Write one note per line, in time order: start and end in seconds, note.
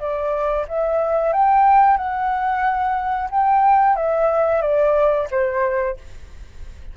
0.00 0.66 D5
0.68 1.33 E5
1.33 1.98 G5
1.98 3.29 F#5
3.31 3.96 G5
3.96 4.62 E5
4.62 5.28 D5
5.31 5.97 C5